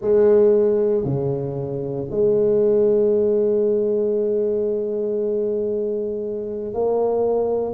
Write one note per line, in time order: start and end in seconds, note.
0.01 1.04 G#3
1.04 2.07 C#3
2.10 6.73 G#3
6.73 7.73 A#3